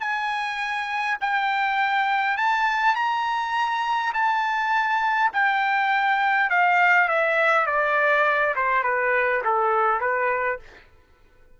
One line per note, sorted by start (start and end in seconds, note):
0.00 1.18 G#5
1.21 2.37 G5
2.37 2.95 A5
2.95 4.13 A#5
4.14 5.31 A5
5.33 6.50 G5
6.50 7.08 F5
7.08 7.66 E5
7.66 8.55 D5
8.55 8.83 C5
8.83 9.42 B4
9.44 10.00 A4
10.00 10.59 B4